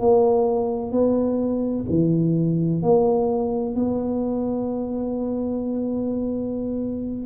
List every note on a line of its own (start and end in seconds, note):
0.00 0.92 A#3
0.92 1.85 B3
1.89 2.83 E3
2.83 3.75 A#3
3.75 7.27 B3